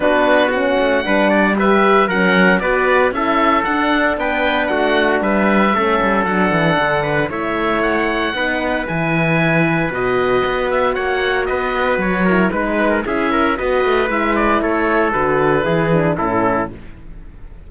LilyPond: <<
  \new Staff \with { instrumentName = "oboe" } { \time 4/4 \tempo 4 = 115 b'4 fis''2 e''4 | fis''4 d''4 e''4 fis''4 | g''4 fis''4 e''2 | fis''2 e''4 fis''4~ |
fis''4 gis''2 dis''4~ | dis''8 e''8 fis''4 dis''4 cis''4 | b'4 e''4 dis''4 e''8 d''8 | cis''4 b'2 a'4 | }
  \new Staff \with { instrumentName = "trumpet" } { \time 4/4 fis'2 b'8 d''8 b'4 | ais'4 b'4 a'2 | b'4 fis'4 b'4 a'4~ | a'4. b'8 cis''2 |
b'1~ | b'4 cis''4 b'4. ais'8 | b'8. ais'16 gis'8 ais'8 b'2 | a'2 gis'4 e'4 | }
  \new Staff \with { instrumentName = "horn" } { \time 4/4 d'4 cis'4 d'4 g'4 | cis'4 fis'4 e'4 d'4~ | d'2. cis'4 | d'2 e'2 |
dis'4 e'2 fis'4~ | fis'2.~ fis'8 e'8 | dis'4 e'4 fis'4 e'4~ | e'4 fis'4 e'8 d'8 cis'4 | }
  \new Staff \with { instrumentName = "cello" } { \time 4/4 b4. a8 g2 | fis4 b4 cis'4 d'4 | b4 a4 g4 a8 g8 | fis8 e8 d4 a2 |
b4 e2 b,4 | b4 ais4 b4 fis4 | gis4 cis'4 b8 a8 gis4 | a4 d4 e4 a,4 | }
>>